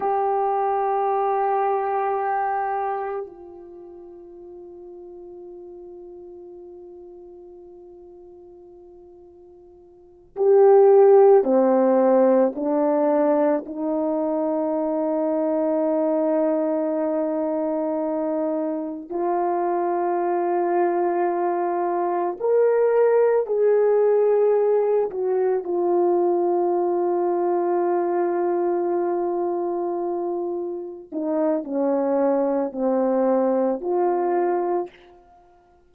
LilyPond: \new Staff \with { instrumentName = "horn" } { \time 4/4 \tempo 4 = 55 g'2. f'4~ | f'1~ | f'4. g'4 c'4 d'8~ | d'8 dis'2.~ dis'8~ |
dis'4. f'2~ f'8~ | f'8 ais'4 gis'4. fis'8 f'8~ | f'1~ | f'8 dis'8 cis'4 c'4 f'4 | }